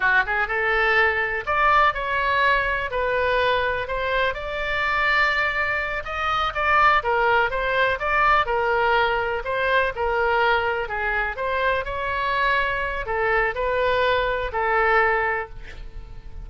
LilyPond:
\new Staff \with { instrumentName = "oboe" } { \time 4/4 \tempo 4 = 124 fis'8 gis'8 a'2 d''4 | cis''2 b'2 | c''4 d''2.~ | d''8 dis''4 d''4 ais'4 c''8~ |
c''8 d''4 ais'2 c''8~ | c''8 ais'2 gis'4 c''8~ | c''8 cis''2~ cis''8 a'4 | b'2 a'2 | }